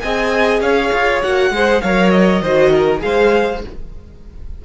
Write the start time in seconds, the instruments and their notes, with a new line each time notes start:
0.00 cello C4, viola G#4, violin D#5 G#5
0.60 cello C#4, violin C#5 F5
0.93 cello F4
1.22 cello A#3, viola F#4, violin F#5
1.51 cello G#3, viola G#4, violin C5
1.81 cello F#3, viola A#4, violin C#5 F5
2.10 violin D#5
2.41 cello D#3, viola F#4, violin C5
2.71 violin A#4
2.99 cello G#3, viola G#4, violin C5 F5